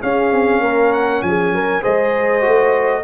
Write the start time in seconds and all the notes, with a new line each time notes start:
0.00 C#4 G#4 F5
0.31 C4
0.60 A#3 A#4
0.92 F#5
1.22 F3 G#4 G#5
1.51 F#3 A#4
1.82 G#3 G#4 C5 D#5
2.41 A3 F#4